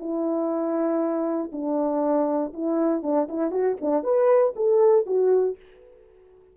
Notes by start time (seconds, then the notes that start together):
0.00 E4
1.52 D4
2.54 E4
3.03 D4
3.29 E4
3.51 F#4
3.81 D4
4.04 B4
4.56 A4
5.06 F#4